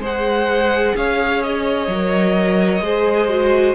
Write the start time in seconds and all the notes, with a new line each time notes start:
0.00 G#3 G#4 C5 F#5
0.96 C#4 C#5 F5
1.43 D#5
1.88 F#3 A#4
2.81 G#3 G#4 C5
3.29 F#4